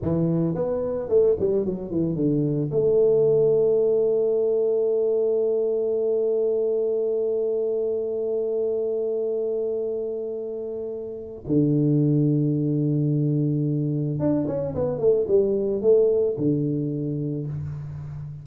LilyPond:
\new Staff \with { instrumentName = "tuba" } { \time 4/4 \tempo 4 = 110 e4 b4 a8 g8 fis8 e8 | d4 a2.~ | a1~ | a1~ |
a1~ | a4 d2.~ | d2 d'8 cis'8 b8 a8 | g4 a4 d2 | }